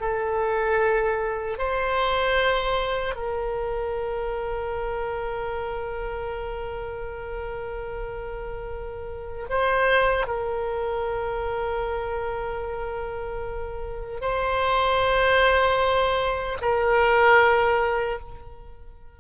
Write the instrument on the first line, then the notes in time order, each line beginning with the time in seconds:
oboe
0.00 A4
1.58 C5
3.15 A#4
9.49 C5
10.27 A#4
14.21 C5
16.61 A#4